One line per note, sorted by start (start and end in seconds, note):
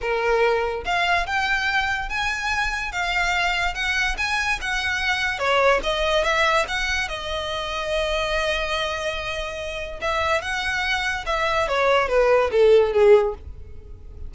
0.01 0.84 A#4
0.84 1.26 F5
1.26 2.09 G5
2.09 2.91 G#5
2.91 3.74 F5
3.74 4.16 F#5
4.17 4.59 G#5
4.61 5.38 F#5
5.38 5.80 C#5
5.83 6.23 D#5
6.23 6.65 E5
6.68 7.08 F#5
7.08 10.00 D#5
10.01 10.41 E5
10.41 11.24 F#5
11.26 11.67 E5
11.68 12.08 C#5
12.08 12.50 B4
12.51 12.92 A4
12.92 13.34 G#4